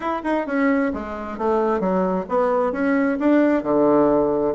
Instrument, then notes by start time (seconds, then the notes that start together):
bassoon
0.00 E4
0.23 D#4
0.46 C#4
0.93 G#3
1.38 A3
1.80 F#3
2.28 B3
2.72 C#4
3.19 D4
3.63 D3